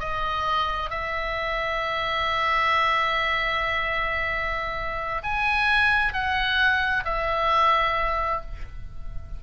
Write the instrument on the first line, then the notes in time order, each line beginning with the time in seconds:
oboe
0.00 D#5
0.90 E5
5.23 G#5
6.13 F#5
7.05 E5